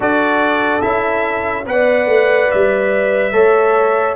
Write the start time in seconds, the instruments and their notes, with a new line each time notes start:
0.00 tuba D4, trombone F#4, horn A4, trumpet D5
0.81 tuba C#4, trombone E4, trumpet E5
1.66 tuba B3, trombone B4, horn D5, trumpet F#5
2.06 tuba A3
2.51 tuba G3, trumpet E5
3.32 tuba A3, trombone A4, horn C#5